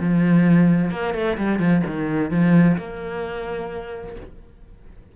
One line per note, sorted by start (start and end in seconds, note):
0.00 0.91 F3
0.91 1.14 A#3
1.14 1.37 A3
1.37 1.59 G3
1.59 1.82 F3
1.86 2.31 D#3
2.31 2.77 F3
2.78 4.16 A#3